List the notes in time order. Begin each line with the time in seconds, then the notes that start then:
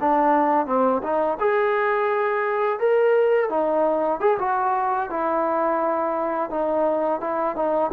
0.00 D4
0.66 C4
1.02 D#4
1.40 G#4
2.79 A#4
3.49 D#4
4.20 G#4
4.39 F#4
5.09 E4
6.50 D#4
7.20 E4
7.56 D#4